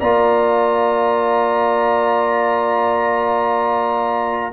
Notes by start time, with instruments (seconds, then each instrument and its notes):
0.00 tuba A#3, trombone F4, horn D5, trumpet A#5